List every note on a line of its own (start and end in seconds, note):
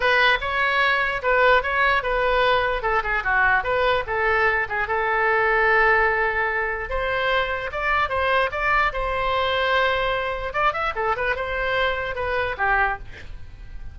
0.00 0.38 B4
0.40 1.21 C#5
1.22 1.62 B4
1.62 2.02 C#5
2.02 2.82 B4
2.82 3.02 A4
3.03 3.23 G#4
3.23 3.63 F#4
3.63 4.04 B4
4.06 4.67 A4
4.68 4.87 G#4
4.87 6.89 A4
6.89 7.70 C5
7.71 8.09 D5
8.09 8.50 C5
8.51 8.92 D5
8.92 10.53 C5
10.53 10.73 D5
10.73 10.93 E5
10.95 11.15 A4
11.16 11.35 B4
11.35 12.15 C5
12.15 12.55 B4
12.57 12.98 G4